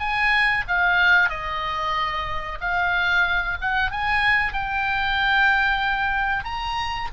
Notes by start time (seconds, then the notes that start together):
0.00 G#5
0.68 F5
1.30 D#5
2.61 F5
3.61 F#5
3.91 G#5
4.53 G5
6.45 A#5